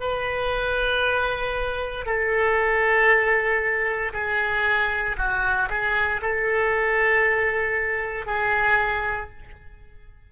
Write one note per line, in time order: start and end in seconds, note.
0.00 2.05 B4
2.05 4.12 A4
4.13 5.16 G#4
5.17 5.69 F#4
5.69 6.21 G#4
6.22 8.26 A4
8.26 9.30 G#4